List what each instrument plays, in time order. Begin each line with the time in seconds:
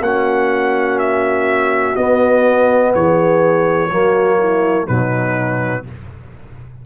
0.00 tuba A#3, trombone C#4, horn F#4, trumpet F#5
0.99 trumpet E5
1.95 trombone B3, tuba B3, trumpet D#5
2.94 tuba E3, horn G#4, trumpet C#5
3.90 tuba F#3, trombone A#3, horn F#4
4.39 horn E4
4.86 tuba B2, trombone F#3, horn D#4, trumpet B4